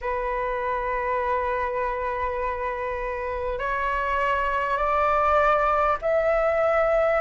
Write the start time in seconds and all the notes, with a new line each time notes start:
0.01 B4
3.58 C#5
4.77 D5
6.01 E5